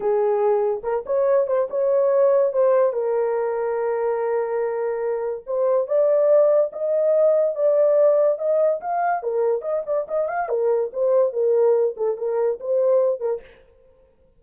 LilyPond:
\new Staff \with { instrumentName = "horn" } { \time 4/4 \tempo 4 = 143 gis'2 ais'8 cis''4 c''8 | cis''2 c''4 ais'4~ | ais'1~ | ais'4 c''4 d''2 |
dis''2 d''2 | dis''4 f''4 ais'4 dis''8 d''8 | dis''8 f''8 ais'4 c''4 ais'4~ | ais'8 a'8 ais'4 c''4. ais'8 | }